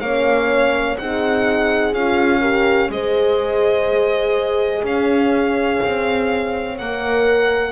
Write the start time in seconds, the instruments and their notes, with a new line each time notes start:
0.00 double bass A#3, horn C#4 C#5, violin F5
0.97 double bass C4, horn D#4 G#4, violin F#5
1.93 double bass C#4, horn F4, violin F5
2.40 horn G4 A#4
2.89 double bass G#3, horn G#4 C5, violin D#5
4.83 double bass C#4, horn C#5, violin F5
5.83 double bass C4
6.78 double bass A#3, horn A#4, violin F#5